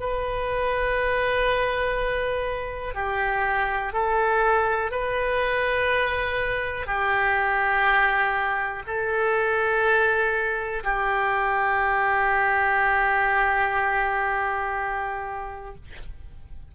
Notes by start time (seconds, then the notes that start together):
0.00 B4
2.95 G4
3.93 A4
4.91 B4
6.86 G4
8.87 A4
10.84 G4